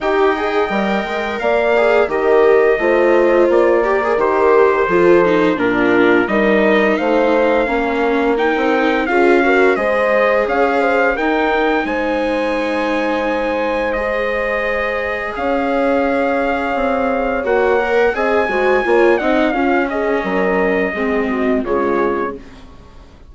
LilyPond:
<<
  \new Staff \with { instrumentName = "trumpet" } { \time 4/4 \tempo 4 = 86 g''2 f''4 dis''4~ | dis''4 d''4 c''2 | ais'4 dis''4 f''2 | g''4 f''4 dis''4 f''4 |
g''4 gis''2. | dis''2 f''2~ | f''4 fis''4 gis''4. fis''8 | f''8 dis''2~ dis''8 cis''4 | }
  \new Staff \with { instrumentName = "horn" } { \time 4/4 dis''2 d''4 ais'4 | c''4. ais'4. a'4 | f'4 ais'4 c''4 ais'4~ | ais'4 gis'8 ais'8 c''4 cis''8 c''8 |
ais'4 c''2.~ | c''2 cis''2~ | cis''2 dis''8 c''8 cis''8 dis''8 | f'8 gis'8 ais'4 gis'8 fis'8 f'4 | }
  \new Staff \with { instrumentName = "viola" } { \time 4/4 g'8 gis'8 ais'4. gis'8 g'4 | f'4. g'16 gis'16 g'4 f'8 dis'8 | d'4 dis'2 cis'4 | dis'4 f'8 fis'8 gis'2 |
dis'1 | gis'1~ | gis'4 fis'8 ais'8 gis'8 fis'8 f'8 dis'8 | cis'2 c'4 gis4 | }
  \new Staff \with { instrumentName = "bassoon" } { \time 4/4 dis'4 g8 gis8 ais4 dis4 | a4 ais4 dis4 f4 | ais,4 g4 a4 ais4~ | ais16 c'8. cis'4 gis4 cis'4 |
dis'4 gis2.~ | gis2 cis'2 | c'4 ais4 c'8 gis8 ais8 c'8 | cis'4 fis4 gis4 cis4 | }
>>